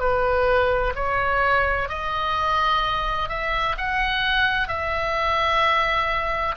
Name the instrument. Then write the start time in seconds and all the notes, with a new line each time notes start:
oboe
0.00 B4
0.95 C#5
1.89 D#5
3.29 E5
3.78 F#5
4.68 E5